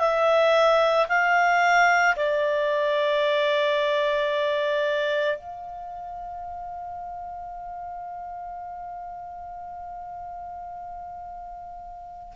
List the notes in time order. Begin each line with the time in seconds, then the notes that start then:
0.00 E5
1.09 F5
2.17 D5
5.38 F5